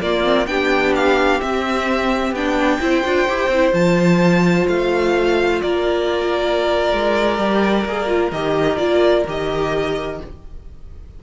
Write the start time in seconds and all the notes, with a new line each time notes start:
0.00 A#3 F4 D5
0.23 C4
0.46 B3 D4 G4 G5
0.95 F5
1.40 C4 E5
2.31 B3 D4 G5
2.80 C4 E4 C5
3.04 D4 F4
3.28 E4 G4
3.47 C4 E4
3.73 F3 F4 A5
4.67 A3 F5
5.61 A#3 A#4 D5
6.92 G#3
7.38 G3 G4
7.85 A#3 G#4
8.07 F4
8.31 D#3 G4 D#5
8.77 A#3 F4 D5
9.27 D#3 G4 D#5